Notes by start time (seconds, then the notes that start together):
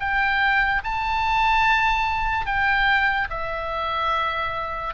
0.00 G5
0.84 A5
2.46 G5
3.30 E5